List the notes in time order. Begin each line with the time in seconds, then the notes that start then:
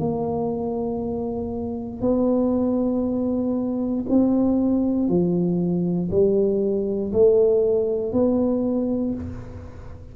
0.00 A#3
2.02 B3
4.10 C4
5.09 F3
6.11 G3
7.13 A3
8.13 B3